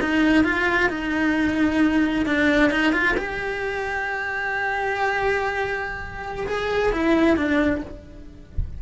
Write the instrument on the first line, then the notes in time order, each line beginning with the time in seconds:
cello
0.00 D#4
0.44 F4
0.89 D#4
2.26 D4
2.70 D#4
2.92 F4
3.17 G4
6.47 G#4
6.92 E4
7.36 D4